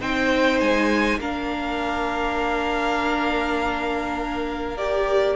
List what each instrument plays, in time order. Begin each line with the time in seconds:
0.00 cello C4, viola D#4, violin C5 G5
0.60 cello G#3, violin G#5
1.19 cello A#3, viola D4, violin A#4 F5
4.77 viola G4, violin D5